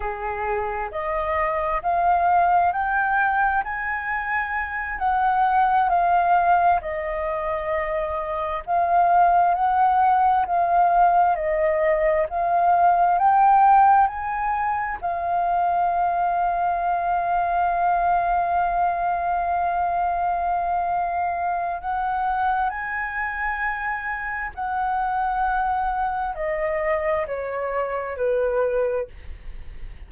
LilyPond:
\new Staff \with { instrumentName = "flute" } { \time 4/4 \tempo 4 = 66 gis'4 dis''4 f''4 g''4 | gis''4. fis''4 f''4 dis''8~ | dis''4. f''4 fis''4 f''8~ | f''8 dis''4 f''4 g''4 gis''8~ |
gis''8 f''2.~ f''8~ | f''1 | fis''4 gis''2 fis''4~ | fis''4 dis''4 cis''4 b'4 | }